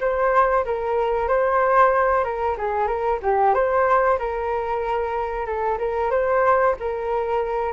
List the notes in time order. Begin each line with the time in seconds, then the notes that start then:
0.00 C5
0.65 A#4
1.28 C5
2.24 A#4
2.57 G#4
2.87 A#4
3.22 G4
3.54 C5
4.18 A#4
5.45 A4
5.78 A#4
6.10 C5
6.79 A#4